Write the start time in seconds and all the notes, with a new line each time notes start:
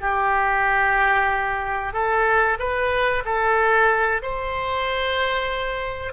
0.00 G4
1.93 A4
2.58 B4
3.25 A4
4.22 C5